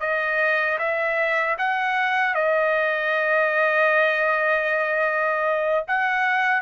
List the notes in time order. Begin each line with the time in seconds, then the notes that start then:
0.00 D#5
0.79 E5
1.58 F#5
2.34 D#5
5.88 F#5